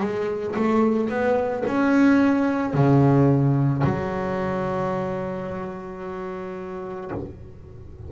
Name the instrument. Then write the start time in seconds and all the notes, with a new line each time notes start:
double bass
0.00 G#3
0.56 A3
1.09 B3
1.66 C#4
2.74 C#3
3.83 F#3